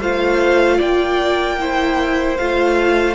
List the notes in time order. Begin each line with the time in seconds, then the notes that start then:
0.00 A3 F4 C5 F5
0.77 A#3 D5 G5
1.60 E4 C5
2.37 A3 F4 F5